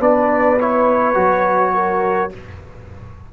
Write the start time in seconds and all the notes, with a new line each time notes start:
0.00 B3 D4 B4 D5
0.60 E4 C#5
1.14 F#3 F#4
1.74 A#4